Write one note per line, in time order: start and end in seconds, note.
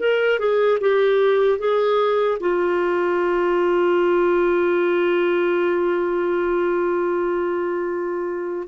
0.00 0.39 A#4
0.39 0.79 G#4
0.81 1.59 G4
1.59 2.38 G#4
2.40 8.68 F4